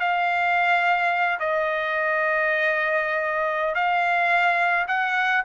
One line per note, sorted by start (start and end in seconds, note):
0.00 1.39 F5
1.40 3.75 D#5
3.75 4.86 F5
4.88 5.43 F#5